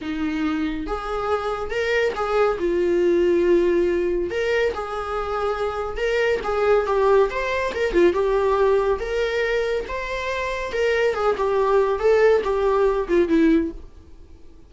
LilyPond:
\new Staff \with { instrumentName = "viola" } { \time 4/4 \tempo 4 = 140 dis'2 gis'2 | ais'4 gis'4 f'2~ | f'2 ais'4 gis'4~ | gis'2 ais'4 gis'4 |
g'4 c''4 ais'8 f'8 g'4~ | g'4 ais'2 c''4~ | c''4 ais'4 gis'8 g'4. | a'4 g'4. f'8 e'4 | }